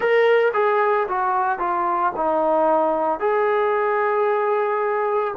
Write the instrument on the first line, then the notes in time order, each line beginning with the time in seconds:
trombone
0.00 A#4
0.54 G#4
1.08 F#4
1.58 F4
2.15 D#4
3.19 G#4